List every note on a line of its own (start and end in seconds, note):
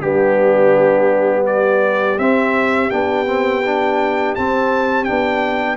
0.00 2.18 G3
0.00 2.19 B3
0.00 1.45 D4
0.00 1.46 G4
1.45 5.78 G4
1.45 2.19 D5
2.18 2.91 C4
2.18 2.90 C4
2.18 2.90 E5
2.90 4.36 B3
2.90 3.26 D4
2.90 4.35 G5
3.26 3.62 C4
3.66 4.37 D4
4.35 5.07 C4
4.35 5.10 C4
4.35 5.04 A5
5.04 5.78 B3
5.04 5.78 D4
5.04 5.77 G5